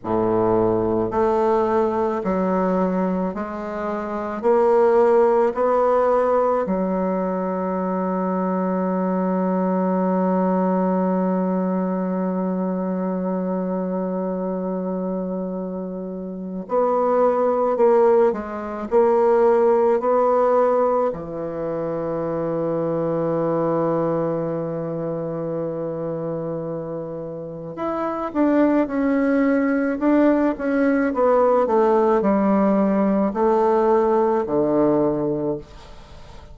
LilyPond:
\new Staff \with { instrumentName = "bassoon" } { \time 4/4 \tempo 4 = 54 a,4 a4 fis4 gis4 | ais4 b4 fis2~ | fis1~ | fis2. b4 |
ais8 gis8 ais4 b4 e4~ | e1~ | e4 e'8 d'8 cis'4 d'8 cis'8 | b8 a8 g4 a4 d4 | }